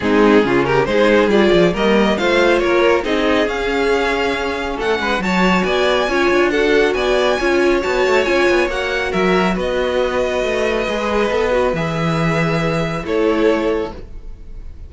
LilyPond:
<<
  \new Staff \with { instrumentName = "violin" } { \time 4/4 \tempo 4 = 138 gis'4. ais'8 c''4 d''4 | dis''4 f''4 cis''4 dis''4 | f''2. fis''4 | a''4 gis''2 fis''4 |
gis''2 a''4 gis''4 | fis''4 e''4 dis''2~ | dis''2. e''4~ | e''2 cis''2 | }
  \new Staff \with { instrumentName = "violin" } { \time 4/4 dis'4 f'8 g'8 gis'2 | ais'4 c''4 ais'4 gis'4~ | gis'2. a'8 b'8 | cis''4 d''4 cis''4 a'4 |
d''4 cis''2.~ | cis''4 ais'4 b'2~ | b'1~ | b'2 a'2 | }
  \new Staff \with { instrumentName = "viola" } { \time 4/4 c'4 cis'4 dis'4 f'4 | ais4 f'2 dis'4 | cis'1 | fis'2 f'4 fis'4~ |
fis'4 f'4 fis'4 f'4 | fis'1~ | fis'4 gis'4 a'8 fis'8 gis'4~ | gis'2 e'2 | }
  \new Staff \with { instrumentName = "cello" } { \time 4/4 gis4 cis4 gis4 g8 f8 | g4 a4 ais4 c'4 | cis'2. a8 gis8 | fis4 b4 cis'8 d'4. |
b4 cis'4 b8 a8 cis'8 b8 | ais4 fis4 b2 | a4 gis4 b4 e4~ | e2 a2 | }
>>